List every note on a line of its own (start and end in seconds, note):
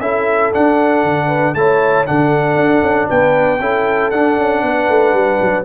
0.00 0.51 C#4
0.00 0.52 E4
0.00 1.28 A4
0.00 0.51 E5
0.52 1.55 D4
0.52 1.04 D4
0.52 1.54 F#5
1.04 1.55 D3
1.28 1.53 B4
1.54 2.06 A3
1.54 2.05 E4
1.54 2.08 C#5
1.54 2.06 A5
2.05 2.56 D3
2.05 3.59 D4
2.05 3.09 A4
2.05 3.09 F#5
2.56 2.81 D4
2.82 3.08 C#4
3.09 3.60 B3
3.09 3.60 B4
3.09 4.10 G5
3.60 4.11 C#4
3.60 4.12 E4
3.60 4.63 A4
4.10 4.37 D4
4.10 5.65 D4
4.10 5.64 F#5
4.37 4.62 C#4
4.62 4.88 B3
4.62 5.65 B4
4.89 5.13 A3
5.13 5.39 G3
5.41 5.65 F#3